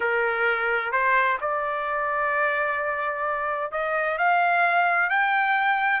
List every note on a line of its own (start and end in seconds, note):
0.00 0.92 A#4
0.92 1.38 C5
1.41 3.71 D5
3.71 4.17 D#5
4.18 5.09 F5
5.09 6.00 G5